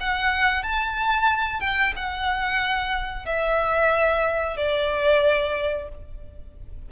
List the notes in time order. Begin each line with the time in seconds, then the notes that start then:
0.00 F#5
0.63 A5
1.60 G5
1.96 F#5
3.25 E5
4.56 D5